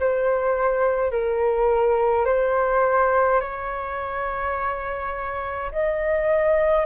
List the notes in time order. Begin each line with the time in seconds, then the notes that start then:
0.00 C5
1.12 A#4
2.26 C5
3.41 C#5
5.72 D#5